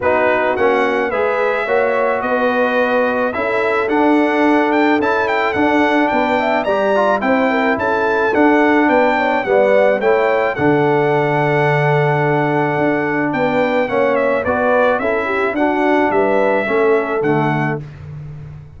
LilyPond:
<<
  \new Staff \with { instrumentName = "trumpet" } { \time 4/4 \tempo 4 = 108 b'4 fis''4 e''2 | dis''2 e''4 fis''4~ | fis''8 g''8 a''8 g''8 fis''4 g''4 | ais''4 g''4 a''4 fis''4 |
g''4 fis''4 g''4 fis''4~ | fis''1 | g''4 fis''8 e''8 d''4 e''4 | fis''4 e''2 fis''4 | }
  \new Staff \with { instrumentName = "horn" } { \time 4/4 fis'2 b'4 cis''4 | b'2 a'2~ | a'2. b'8 e''8 | d''4 c''8 ais'8 a'2 |
b'8 cis''8 d''4 cis''4 a'4~ | a'1 | b'4 cis''4 b'4 a'8 g'8 | fis'4 b'4 a'2 | }
  \new Staff \with { instrumentName = "trombone" } { \time 4/4 dis'4 cis'4 gis'4 fis'4~ | fis'2 e'4 d'4~ | d'4 e'4 d'2 | g'8 f'8 e'2 d'4~ |
d'4 b4 e'4 d'4~ | d'1~ | d'4 cis'4 fis'4 e'4 | d'2 cis'4 a4 | }
  \new Staff \with { instrumentName = "tuba" } { \time 4/4 b4 ais4 gis4 ais4 | b2 cis'4 d'4~ | d'4 cis'4 d'4 b4 | g4 c'4 cis'4 d'4 |
b4 g4 a4 d4~ | d2. d'4 | b4 ais4 b4 cis'4 | d'4 g4 a4 d4 | }
>>